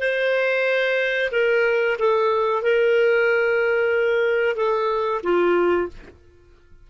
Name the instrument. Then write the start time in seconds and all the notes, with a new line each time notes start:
clarinet
0.00 C5
1.32 A#4
1.99 A4
2.62 A#4
4.56 A4
5.23 F4